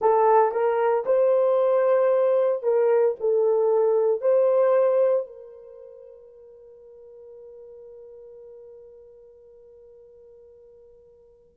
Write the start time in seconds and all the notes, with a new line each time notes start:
0.01 A4
0.51 A#4
1.05 C5
2.63 A#4
3.20 A4
4.21 C5
5.26 A#4